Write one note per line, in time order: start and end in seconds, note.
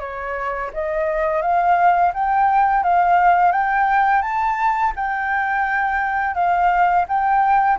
0.00 0.71 C#5
0.73 1.42 D#5
1.42 2.12 F5
2.14 2.83 G5
2.83 3.52 F5
3.52 4.22 G5
4.22 4.93 A5
4.96 6.35 G5
6.35 7.06 F5
7.08 7.79 G5